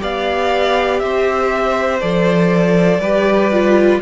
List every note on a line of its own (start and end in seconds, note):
0.00 1.02 B3
0.00 2.00 G4
0.00 1.02 D5
0.00 1.00 F5
1.00 2.02 C4
1.00 3.01 C5
1.00 2.00 E5
2.01 3.00 F3
2.01 3.01 A4
2.01 4.01 D5
3.00 4.00 G3
3.00 3.52 G4
3.00 4.01 B4
3.52 4.02 F4